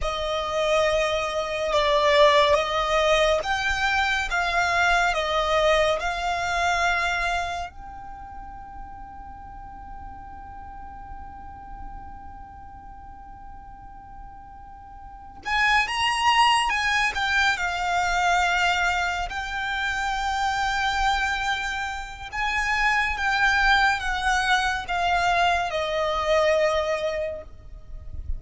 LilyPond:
\new Staff \with { instrumentName = "violin" } { \time 4/4 \tempo 4 = 70 dis''2 d''4 dis''4 | g''4 f''4 dis''4 f''4~ | f''4 g''2.~ | g''1~ |
g''2 gis''8 ais''4 gis''8 | g''8 f''2 g''4.~ | g''2 gis''4 g''4 | fis''4 f''4 dis''2 | }